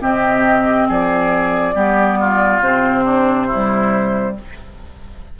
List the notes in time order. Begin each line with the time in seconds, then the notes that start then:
0.00 C3 C4 G4 D#5
0.88 F3 G#4 D5
1.75 G3 B3 G4
2.20 F4
2.60 C3 C4 C5
3.05 D4
3.47 G3 E4